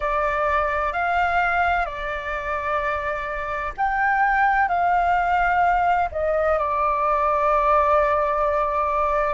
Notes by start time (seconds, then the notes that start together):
0.00 D5
0.92 F5
1.85 D5
3.77 G5
4.68 F5
6.11 D#5
6.58 D5